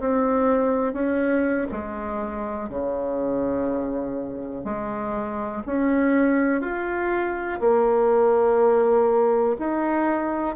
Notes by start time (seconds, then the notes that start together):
0.00 C4
0.93 C#4
1.72 G#3
2.69 C#3
4.64 G#3
5.66 C#4
6.61 F4
7.60 A#3
9.59 D#4